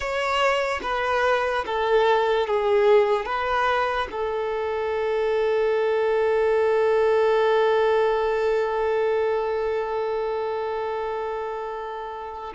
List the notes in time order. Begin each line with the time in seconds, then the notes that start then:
0.00 C#5
0.82 B4
1.66 A4
2.47 G#4
3.25 B4
4.11 A4